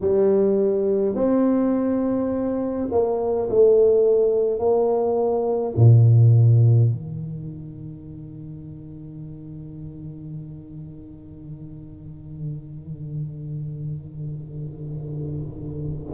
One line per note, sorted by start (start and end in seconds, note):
0.01 1.15 G3
1.15 2.88 C4
2.91 3.48 A#3
3.49 4.58 A3
4.58 5.74 A#3
5.76 6.91 A#2
6.91 16.14 D#3